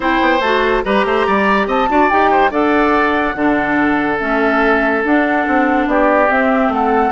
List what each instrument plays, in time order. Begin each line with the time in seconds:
0.00 bassoon C4, clarinet E4, oboe C5, flute G5
0.21 bassoon B3
0.40 bassoon A3, clarinet F#4, flute A5
0.84 bassoon G3, clarinet G4, oboe B4, flute A#5
1.05 bassoon A3, oboe C5
1.26 bassoon G3, oboe D5
1.67 bassoon C4, oboe D#5, flute A5
1.88 bassoon D4, clarinet F#4, oboe D5
2.09 bassoon D#4, clarinet G4, flute G5
2.31 oboe C5
2.50 bassoon D4, clarinet A4, oboe D5, flute F#5
3.35 bassoon D3, clarinet D4, oboe A4
4.19 bassoon A3, clarinet C#4, flute E5
5.04 bassoon D4, clarinet D4, flute F#5
5.47 bassoon C4
5.86 bassoon B3, oboe G4, flute D5
6.27 clarinet C4, bassoon C4, flute E5
6.68 bassoon A3, oboe A4, flute F#5